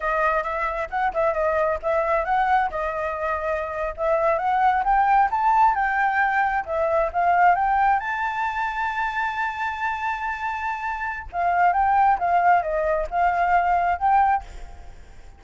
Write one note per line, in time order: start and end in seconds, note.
0.00 0.43 D#5
0.43 0.88 E5
0.90 1.12 F#5
1.13 1.33 E5
1.33 1.78 D#5
1.82 2.24 E5
2.24 2.69 F#5
2.70 3.94 D#5
3.97 4.38 E5
4.38 4.83 F#5
4.84 5.29 G5
5.30 5.74 A5
5.74 6.64 G5
6.65 7.11 E5
7.13 7.55 F5
7.55 7.99 G5
7.99 11.26 A5
11.32 11.73 F5
11.73 12.18 G5
12.18 12.62 F5
12.62 13.07 D#5
13.10 13.98 F5
13.98 14.43 G5